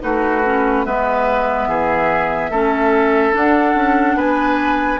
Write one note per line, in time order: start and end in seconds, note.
0.00 0.86 A3
0.00 0.42 D#4
0.00 0.86 F#4
0.00 0.85 B4
0.45 0.85 C#4
0.85 1.67 G#3
0.85 2.52 B3
0.85 1.69 B4
0.85 3.35 E5
1.67 2.50 E3
1.67 2.51 G#4
2.50 3.33 A3
2.50 3.33 C#4
2.50 4.17 A4
3.33 4.99 D4
3.33 3.75 D4
3.33 4.19 F#5
3.75 4.15 C#4
4.15 4.99 B3
4.15 5.00 B4
4.15 5.00 G#5